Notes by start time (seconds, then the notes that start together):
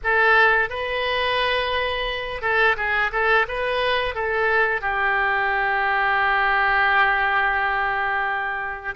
0.03 A4
0.69 B4
2.41 A4
2.76 G#4
3.12 A4
3.48 B4
4.14 A4
4.81 G4